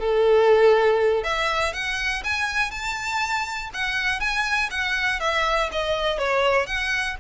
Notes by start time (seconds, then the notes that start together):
0.00 A4
1.24 E5
1.74 F#5
2.24 G#5
2.71 A5
3.74 F#5
4.21 G#5
4.71 F#5
5.20 E5
5.72 D#5
6.19 C#5
6.67 F#5